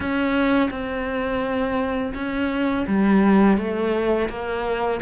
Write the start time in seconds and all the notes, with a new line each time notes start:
0.00 C#4
0.70 C4
2.14 C#4
2.87 G3
3.57 A3
4.29 A#3